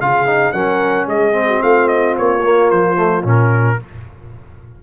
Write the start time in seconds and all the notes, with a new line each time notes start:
0.00 C#3 F4 G#4 F5
0.26 D#4
0.52 F#3 C#4 A#4 F#5
1.06 G#3 G#4 D#5
1.32 C4
1.48 F#4
1.61 A3 F4 F5
1.88 D#5
2.17 A#3 C#5
2.43 A#3
2.70 F3 C5
2.95 A3
3.22 A#2 C#4 A#4